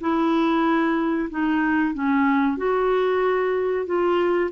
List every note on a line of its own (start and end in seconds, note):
0.00 1.29 E4
1.30 1.94 D#4
1.94 2.57 C#4
2.57 3.85 F#4
3.85 4.50 F4